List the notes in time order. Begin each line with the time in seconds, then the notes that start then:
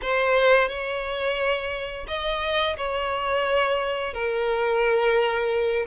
0.02 C5
0.68 C#5
2.07 D#5
2.77 C#5
4.13 A#4